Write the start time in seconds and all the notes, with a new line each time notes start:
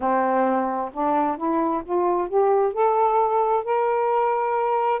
0.00 C4
0.93 D4
1.37 E4
1.84 F4
2.28 G4
2.73 A4
3.64 A#4